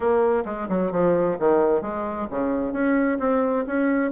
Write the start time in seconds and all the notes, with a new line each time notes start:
0.00 A#3
0.45 G#3
0.68 F#3
0.91 F3
1.39 D#3
1.81 G#3
2.30 C#3
2.72 C#4
3.19 C4
3.66 C#4